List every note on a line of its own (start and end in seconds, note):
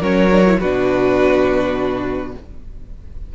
0.00 0.60 F#3
0.00 0.31 C#4
0.00 0.58 A#4
0.00 0.60 C#5
0.31 0.45 D4
0.47 0.62 E4
0.60 2.35 B2
0.60 2.35 D4
0.60 2.33 F#4
0.60 2.33 B4